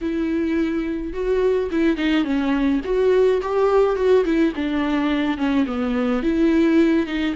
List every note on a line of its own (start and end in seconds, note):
0.01 1.13 E4
1.13 1.69 F#4
1.71 1.97 E4
1.97 2.24 D#4
2.24 2.80 C#4
2.84 3.41 F#4
3.41 3.96 G4
3.96 4.24 F#4
4.25 4.53 E4
4.55 5.37 D4
5.37 5.65 C#4
5.66 6.22 B3
6.22 7.06 E4
7.06 7.34 D#4